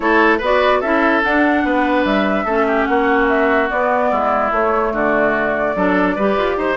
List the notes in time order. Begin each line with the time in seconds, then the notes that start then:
0.00 A3 E4 A4 C#5
0.38 B3 F#4 B4
0.44 D5
0.80 C#4 E4 A4 E5
1.22 D4 F#5
1.64 B3 B4
2.04 G3 E5
2.45 A3 C#4 A4
2.67 G4
2.84 A#3 F#4 F#5
3.28 E5
3.70 B3 D5
4.10 G#3 E4
4.51 A3 C#5
4.91 D3 F#4 D5
5.75 F#3 D4 A4
6.15 G3 G4 B4
6.37 F4
6.57 D#4 C5